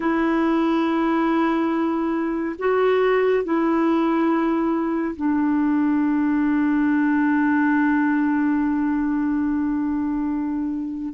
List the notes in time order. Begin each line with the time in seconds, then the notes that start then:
0.00 E4
2.58 F#4
3.44 E4
5.16 D4